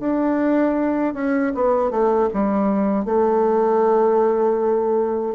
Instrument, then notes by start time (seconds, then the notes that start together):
bassoon
0.00 D4
1.14 C#4
1.55 B3
1.91 A3
2.34 G3
3.05 A3